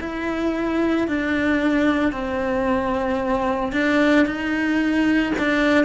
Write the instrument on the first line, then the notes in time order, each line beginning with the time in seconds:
cello
0.00 E4
1.08 D4
2.12 C4
3.72 D4
4.26 D#4
5.38 D4